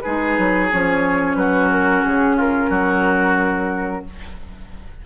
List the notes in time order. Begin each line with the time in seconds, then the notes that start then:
0.00 D#4 G#4 B4
0.06 G#3
0.38 F#3
0.72 F3 C#4 C#5
1.36 F#3 F#4 B4
1.72 A#4
2.04 C#3 G#4
2.37 F4 A#4
2.70 F#3 F#4